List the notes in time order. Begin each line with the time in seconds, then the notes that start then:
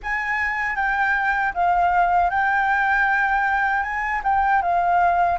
0.02 G#5
0.75 G5
1.53 F5
2.29 G5
3.83 G#5
4.23 G5
4.62 F5